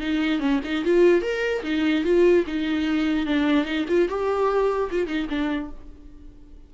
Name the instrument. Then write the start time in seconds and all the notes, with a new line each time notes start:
viola
0.00 D#4
0.40 C#4
0.64 D#4
0.85 F4
1.22 A#4
1.63 D#4
2.04 F4
2.47 D#4
3.26 D4
3.65 D#4
3.88 F4
4.09 G4
4.91 F4
5.07 D#4
5.29 D4